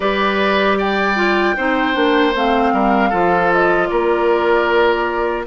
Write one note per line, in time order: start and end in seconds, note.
0.00 1.56 G3
0.00 1.15 G4
0.00 0.78 B4
0.00 0.77 D5
0.78 1.56 D5
0.78 2.35 G5
1.15 1.54 F4
1.56 1.96 C4
1.56 1.93 D#4
1.56 2.73 C5
1.93 2.34 A#3
1.93 2.32 D4
2.34 2.73 A3
2.34 3.11 C4
2.34 3.53 F5
2.73 3.12 G3
2.73 3.09 A#4
3.09 3.90 F3
3.09 5.45 F4
3.09 3.87 A4
3.53 3.87 D#5
3.87 5.46 A#3
3.87 5.45 A#4
3.87 5.43 D5